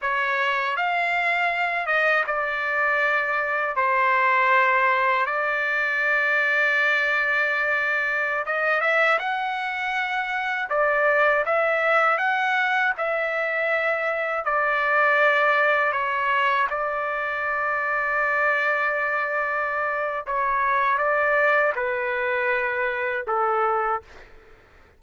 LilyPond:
\new Staff \with { instrumentName = "trumpet" } { \time 4/4 \tempo 4 = 80 cis''4 f''4. dis''8 d''4~ | d''4 c''2 d''4~ | d''2.~ d''16 dis''8 e''16~ | e''16 fis''2 d''4 e''8.~ |
e''16 fis''4 e''2 d''8.~ | d''4~ d''16 cis''4 d''4.~ d''16~ | d''2. cis''4 | d''4 b'2 a'4 | }